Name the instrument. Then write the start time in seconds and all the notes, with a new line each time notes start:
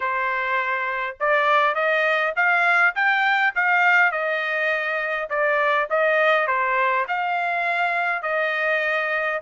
trumpet
0.00 C5
1.20 D5
1.74 D#5
2.36 F5
2.95 G5
3.55 F5
4.11 D#5
5.29 D5
5.90 D#5
6.47 C5
7.07 F5
8.22 D#5